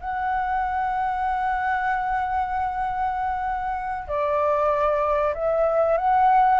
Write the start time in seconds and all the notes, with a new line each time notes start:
0.00 F#5
4.07 D5
5.34 E5
5.97 F#5